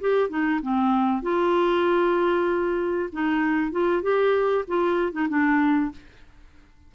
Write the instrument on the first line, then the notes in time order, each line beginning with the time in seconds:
clarinet
0.00 G4
0.29 D#4
0.62 C4
1.22 F4
3.12 D#4
3.71 F4
4.02 G4
4.67 F4
5.12 D#4
5.29 D4